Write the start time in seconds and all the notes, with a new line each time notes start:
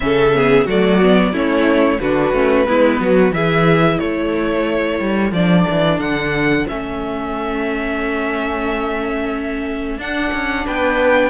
0.00 C#3 C#4 A4 E5
0.33 B3 G#4
0.65 F#3 A3 F#4 D5
1.00 B3
1.32 A3 C#4 E4 C#5
2.00 D3 D4 F#4 B4
2.32 A3 C#4
2.66 G#3 B3 E4
2.99 F#3 F#4
3.31 E3 E4 G#4 E5
3.98 A3 A4 C#5
4.99 G3
5.31 F3 D4 D5
5.69 E3
5.99 D3 F#5
6.67 A3 C#4 E5
9.97 D4 F#5
10.32 C#4
10.65 B3 B4 G5